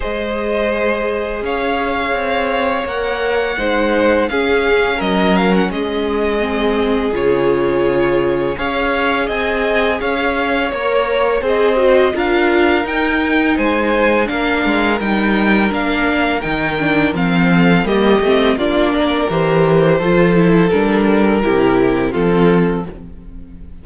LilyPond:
<<
  \new Staff \with { instrumentName = "violin" } { \time 4/4 \tempo 4 = 84 dis''2 f''2 | fis''2 f''4 dis''8 f''16 fis''16 | dis''2 cis''2 | f''4 gis''4 f''4 cis''4 |
dis''4 f''4 g''4 gis''4 | f''4 g''4 f''4 g''4 | f''4 dis''4 d''4 c''4~ | c''4 ais'2 a'4 | }
  \new Staff \with { instrumentName = "violin" } { \time 4/4 c''2 cis''2~ | cis''4 c''4 gis'4 ais'4 | gis'1 | cis''4 dis''4 cis''2 |
c''4 ais'2 c''4 | ais'1~ | ais'8 a'8 g'4 f'8 ais'4. | a'2 g'4 f'4 | }
  \new Staff \with { instrumentName = "viola" } { \time 4/4 gis'1 | ais'4 dis'4 cis'2~ | cis'4 c'4 f'2 | gis'2. ais'4 |
gis'8 fis'8 f'4 dis'2 | d'4 dis'4 d'4 dis'8 d'8 | c'4 ais8 c'8 d'4 g'4 | f'8 e'8 d'4 e'4 c'4 | }
  \new Staff \with { instrumentName = "cello" } { \time 4/4 gis2 cis'4 c'4 | ais4 gis4 cis'4 fis4 | gis2 cis2 | cis'4 c'4 cis'4 ais4 |
c'4 d'4 dis'4 gis4 | ais8 gis8 g4 ais4 dis4 | f4 g8 a8 ais4 e4 | f4 g4 c4 f4 | }
>>